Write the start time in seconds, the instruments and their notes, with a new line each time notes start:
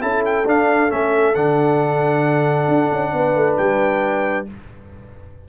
0.00 tuba C#4, trombone E4, horn A4, trumpet A5
0.25 trumpet G5
0.46 trombone D4, tuba D4, trumpet F5
0.90 tuba A3, trombone C#4, trumpet E5
1.35 tuba D3, trombone D4, trumpet F#5
2.68 tuba D4
2.91 tuba C#4
3.13 tuba B3, horn B4
3.35 tuba A3
3.57 tuba G3, trumpet G5